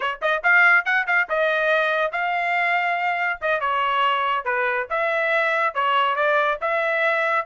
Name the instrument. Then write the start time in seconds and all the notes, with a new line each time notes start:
trumpet
0.00 C#5
0.21 D#5
0.43 F5
0.85 F#5
1.06 F5
1.29 D#5
2.11 F5
3.41 D#5
3.60 C#5
4.44 B4
4.89 E5
5.74 C#5
6.15 D5
6.61 E5